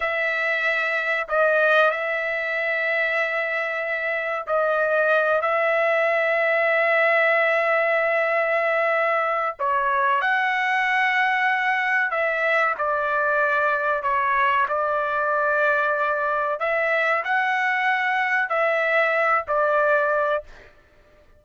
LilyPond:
\new Staff \with { instrumentName = "trumpet" } { \time 4/4 \tempo 4 = 94 e''2 dis''4 e''4~ | e''2. dis''4~ | dis''8 e''2.~ e''8~ | e''2. cis''4 |
fis''2. e''4 | d''2 cis''4 d''4~ | d''2 e''4 fis''4~ | fis''4 e''4. d''4. | }